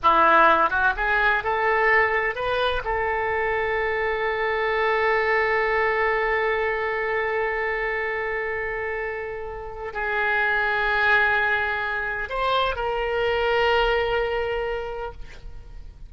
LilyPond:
\new Staff \with { instrumentName = "oboe" } { \time 4/4 \tempo 4 = 127 e'4. fis'8 gis'4 a'4~ | a'4 b'4 a'2~ | a'1~ | a'1~ |
a'1~ | a'4 gis'2.~ | gis'2 c''4 ais'4~ | ais'1 | }